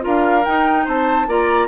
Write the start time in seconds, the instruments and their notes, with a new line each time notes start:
0.00 bassoon D4, clarinet F4, oboe A#4
0.06 flute F5
0.44 bassoon D#4, clarinet D#4, flute G5
0.85 bassoon C4, oboe C5, flute A5
1.27 bassoon A#3, clarinet F4, oboe D5, flute A#5